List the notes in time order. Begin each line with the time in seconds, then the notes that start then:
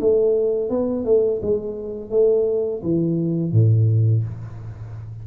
0.00 A3
0.69 B3
1.05 A3
1.42 G#3
2.10 A3
2.83 E3
3.52 A2